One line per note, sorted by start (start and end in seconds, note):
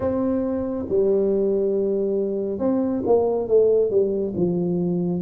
0.00 0.85 C4
0.89 2.58 G3
2.58 3.02 C4
3.06 3.47 A#3
3.47 3.90 A3
3.90 4.33 G3
4.36 5.22 F3